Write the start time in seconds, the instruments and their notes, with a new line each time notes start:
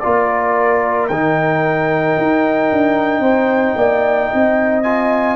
0.00 tuba A#3, trombone F4, horn A#4, trumpet D5
1.08 tuba D#3, trombone D#4, trumpet G5
2.18 tuba D#4
2.72 tuba D4
3.20 tuba C4, horn C5
3.76 tuba A#3, horn D5
4.29 tuba C4, horn D#5
4.83 trombone F4, trumpet G#5